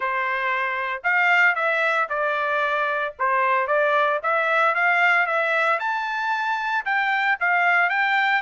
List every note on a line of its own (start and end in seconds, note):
0.00 1.02 C5
1.03 1.55 F5
1.55 2.08 E5
2.09 3.14 D5
3.18 3.67 C5
3.67 4.19 D5
4.22 4.75 E5
4.75 5.26 F5
5.26 5.79 E5
5.79 6.84 A5
6.85 7.38 G5
7.39 7.89 F5
7.89 8.41 G5